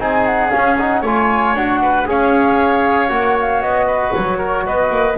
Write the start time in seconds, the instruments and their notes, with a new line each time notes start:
0.00 double bass C4, trombone D#4, oboe G#4, flute G#5
0.27 flute F#5
0.51 trombone C#4, double bass C#4, flute F5
0.77 trombone D#4, flute F#5
1.02 double bass A3, trombone F4, oboe C#5, flute G#5
1.54 double bass D4, trombone F#4, flute F#5
1.82 oboe B4
2.07 double bass C#4, trombone G#4, oboe C#5, flute F5
3.09 double bass A#3, trombone F#4, flute F#5
3.40 flute F5
3.62 double bass B3, flute D#5
3.87 oboe B4
4.16 double bass F#3, flute C#5
4.38 oboe A#4
4.67 double bass B3, oboe B4, flute D#5
4.90 double bass A#3